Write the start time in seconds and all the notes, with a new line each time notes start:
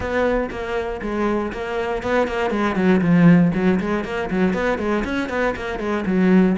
0.00 B3
0.50 A#3
1.01 G#3
1.52 A#3
2.02 B3
2.27 A#3
2.50 G#3
2.75 F#3
3.01 F3
3.54 F#3
3.79 G#3
4.04 A#3
4.30 F#3
4.53 B3
4.78 G#3
5.04 C#4
5.29 B3
5.56 A#3
5.79 G#3
6.05 F#3